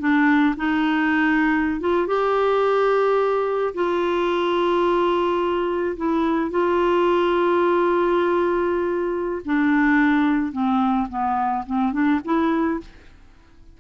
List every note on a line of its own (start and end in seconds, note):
0.00 0.56 D4
0.57 1.81 D#4
1.81 2.07 F4
2.07 3.74 G4
3.74 5.97 F4
5.97 6.51 E4
6.51 9.43 F4
9.45 10.53 D4
10.53 11.08 C4
11.09 11.65 B3
11.66 11.93 C4
11.93 12.21 D4
12.25 12.81 E4